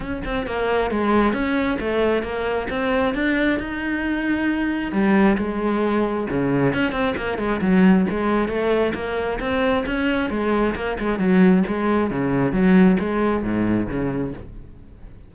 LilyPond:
\new Staff \with { instrumentName = "cello" } { \time 4/4 \tempo 4 = 134 cis'8 c'8 ais4 gis4 cis'4 | a4 ais4 c'4 d'4 | dis'2. g4 | gis2 cis4 cis'8 c'8 |
ais8 gis8 fis4 gis4 a4 | ais4 c'4 cis'4 gis4 | ais8 gis8 fis4 gis4 cis4 | fis4 gis4 gis,4 cis4 | }